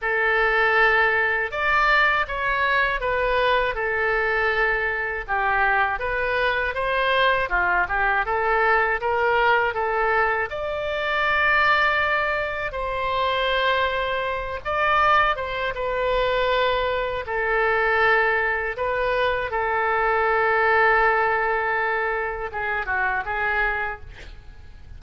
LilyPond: \new Staff \with { instrumentName = "oboe" } { \time 4/4 \tempo 4 = 80 a'2 d''4 cis''4 | b'4 a'2 g'4 | b'4 c''4 f'8 g'8 a'4 | ais'4 a'4 d''2~ |
d''4 c''2~ c''8 d''8~ | d''8 c''8 b'2 a'4~ | a'4 b'4 a'2~ | a'2 gis'8 fis'8 gis'4 | }